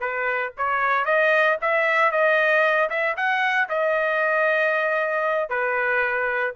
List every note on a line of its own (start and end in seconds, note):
0.00 0.52 B4
0.57 1.05 C#5
1.05 1.57 D#5
1.61 2.11 E5
2.11 2.89 D#5
2.90 3.16 E5
3.16 3.69 F#5
3.69 5.49 D#5
5.49 6.54 B4